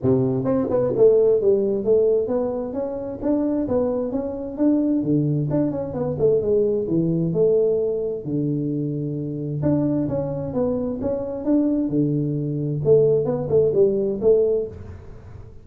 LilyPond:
\new Staff \with { instrumentName = "tuba" } { \time 4/4 \tempo 4 = 131 c4 c'8 b8 a4 g4 | a4 b4 cis'4 d'4 | b4 cis'4 d'4 d4 | d'8 cis'8 b8 a8 gis4 e4 |
a2 d2~ | d4 d'4 cis'4 b4 | cis'4 d'4 d2 | a4 b8 a8 g4 a4 | }